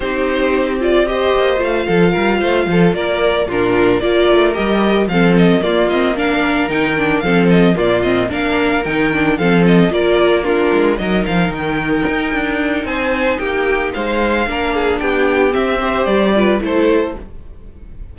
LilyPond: <<
  \new Staff \with { instrumentName = "violin" } { \time 4/4 \tempo 4 = 112 c''4. d''8 dis''4 f''4~ | f''4. d''4 ais'4 d''8~ | d''8 dis''4 f''8 dis''8 d''8 dis''8 f''8~ | f''8 g''4 f''8 dis''8 d''8 dis''8 f''8~ |
f''8 g''4 f''8 dis''8 d''4 ais'8~ | ais'8 dis''8 f''8 g''2~ g''8 | gis''4 g''4 f''2 | g''4 e''4 d''4 c''4 | }
  \new Staff \with { instrumentName = "violin" } { \time 4/4 g'2 c''4. a'8 | ais'8 c''8 a'8 ais'4 f'4 ais'8~ | ais'4. a'4 f'4 ais'8~ | ais'4. a'4 f'4 ais'8~ |
ais'4. a'4 ais'4 f'8~ | f'8 ais'2.~ ais'8 | c''4 g'4 c''4 ais'8 gis'8 | g'4. c''4 b'8 a'4 | }
  \new Staff \with { instrumentName = "viola" } { \time 4/4 dis'4. f'8 g'4 f'4~ | f'2~ f'8 d'4 f'8~ | f'8 g'4 c'4 ais8 c'8 d'8~ | d'8 dis'8 d'8 c'4 ais8 c'8 d'8~ |
d'8 dis'8 d'8 c'4 f'4 d'8~ | d'8 dis'2.~ dis'8~ | dis'2. d'4~ | d'4 c'8 g'4 f'8 e'4 | }
  \new Staff \with { instrumentName = "cello" } { \time 4/4 c'2~ c'8 ais8 a8 f8 | g8 a8 f8 ais4 ais,4 ais8 | a8 g4 f4 ais4.~ | ais8 dis4 f4 ais,4 ais8~ |
ais8 dis4 f4 ais4. | gis8 fis8 f8 dis4 dis'8 d'4 | c'4 ais4 gis4 ais4 | b4 c'4 g4 a4 | }
>>